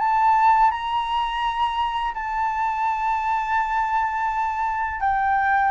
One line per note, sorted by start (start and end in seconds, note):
0.00 0.71 A5
0.71 2.14 A#5
2.15 5.01 A5
5.01 5.72 G5